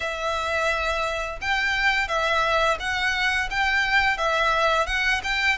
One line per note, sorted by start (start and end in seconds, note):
0.00 1.39 E5
1.41 2.07 G5
2.07 2.77 E5
2.79 3.49 F#5
3.50 4.17 G5
4.17 4.86 E5
4.86 5.21 F#5
5.23 5.58 G5